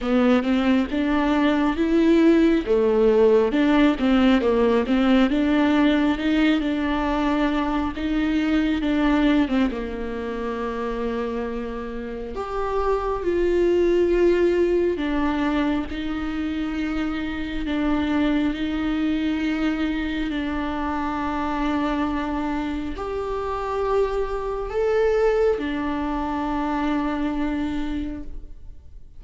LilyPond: \new Staff \with { instrumentName = "viola" } { \time 4/4 \tempo 4 = 68 b8 c'8 d'4 e'4 a4 | d'8 c'8 ais8 c'8 d'4 dis'8 d'8~ | d'4 dis'4 d'8. c'16 ais4~ | ais2 g'4 f'4~ |
f'4 d'4 dis'2 | d'4 dis'2 d'4~ | d'2 g'2 | a'4 d'2. | }